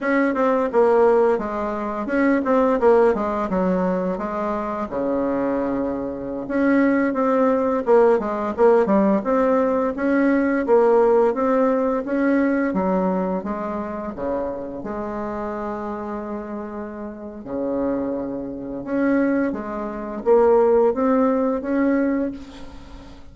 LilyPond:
\new Staff \with { instrumentName = "bassoon" } { \time 4/4 \tempo 4 = 86 cis'8 c'8 ais4 gis4 cis'8 c'8 | ais8 gis8 fis4 gis4 cis4~ | cis4~ cis16 cis'4 c'4 ais8 gis16~ | gis16 ais8 g8 c'4 cis'4 ais8.~ |
ais16 c'4 cis'4 fis4 gis8.~ | gis16 cis4 gis2~ gis8.~ | gis4 cis2 cis'4 | gis4 ais4 c'4 cis'4 | }